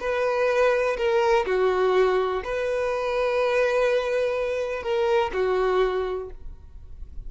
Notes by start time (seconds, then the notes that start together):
0.00 B4
0.97 A#4
1.46 F#4
2.44 B4
4.83 A#4
5.33 F#4